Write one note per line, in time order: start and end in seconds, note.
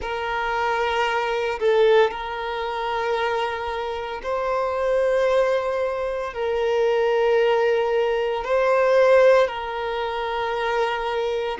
0.01 1.59 A#4
1.59 2.11 A4
2.11 4.21 A#4
4.22 6.33 C5
6.33 8.44 A#4
8.44 9.47 C5
9.47 11.58 A#4